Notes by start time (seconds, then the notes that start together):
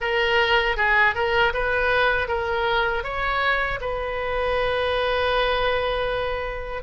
0.00 A#4
0.76 G#4
1.14 A#4
1.53 B4
2.28 A#4
3.03 C#5
3.80 B4